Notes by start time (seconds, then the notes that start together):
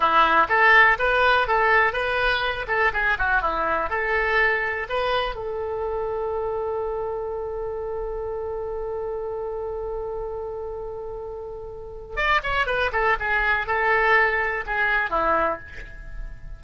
0.00 E4
0.49 A4
0.99 B4
1.47 A4
1.93 B4
2.67 A4
2.93 G#4
3.18 F#4
3.41 E4
3.89 A4
4.89 B4
5.35 A4
12.16 D5
12.43 C#5
12.66 B4
12.92 A4
13.19 G#4
13.66 A4
14.66 G#4
15.10 E4